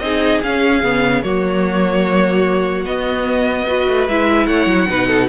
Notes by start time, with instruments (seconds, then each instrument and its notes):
0.00 cello C4, viola D#4, violin G#4 D#5
0.43 cello C#4, viola C#4, violin F5
0.83 cello C#3, viola B3
1.23 cello F#3, viola A#3, violin F#4 C#5
2.85 viola B3, cello B3, violin D#5
3.66 viola F#4, violin B4
3.88 cello A3
4.08 cello G#3, viola E4, violin E5
4.47 cello A3, violin C#5 F#5
4.66 cello F#3
4.89 cello B2, viola D#4, violin B4
5.08 violin A4